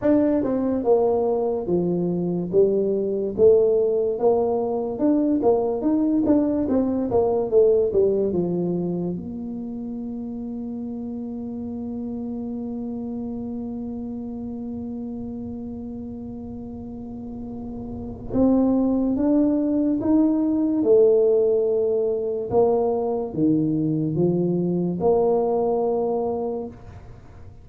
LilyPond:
\new Staff \with { instrumentName = "tuba" } { \time 4/4 \tempo 4 = 72 d'8 c'8 ais4 f4 g4 | a4 ais4 d'8 ais8 dis'8 d'8 | c'8 ais8 a8 g8 f4 ais4~ | ais1~ |
ais1~ | ais2 c'4 d'4 | dis'4 a2 ais4 | dis4 f4 ais2 | }